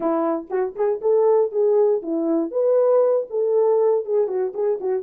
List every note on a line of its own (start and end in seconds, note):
0.00 0.47 E4
0.50 0.75 F#4
0.75 1.00 G#4
1.01 1.51 A4
1.51 2.02 G#4
2.02 2.51 E4
2.51 3.27 B4
3.29 4.05 A4
4.05 4.27 G#4
4.27 4.52 F#4
4.54 4.79 G#4
4.80 5.03 F#4